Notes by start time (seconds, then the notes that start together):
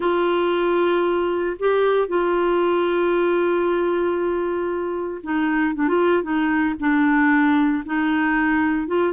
0.00 F4
1.59 G4
2.08 F4
5.23 D#4
5.74 D4
5.88 F4
6.22 D#4
6.79 D4
7.85 D#4
8.87 F4